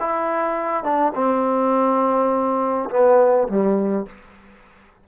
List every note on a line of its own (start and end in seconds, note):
0.00 0.84 E4
0.84 1.13 D4
1.15 2.89 C4
2.90 3.48 B3
3.48 4.06 G3